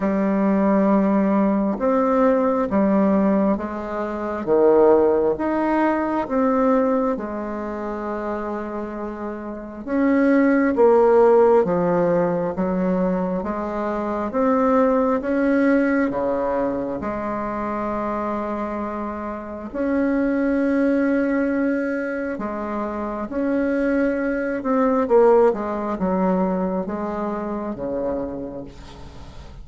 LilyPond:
\new Staff \with { instrumentName = "bassoon" } { \time 4/4 \tempo 4 = 67 g2 c'4 g4 | gis4 dis4 dis'4 c'4 | gis2. cis'4 | ais4 f4 fis4 gis4 |
c'4 cis'4 cis4 gis4~ | gis2 cis'2~ | cis'4 gis4 cis'4. c'8 | ais8 gis8 fis4 gis4 cis4 | }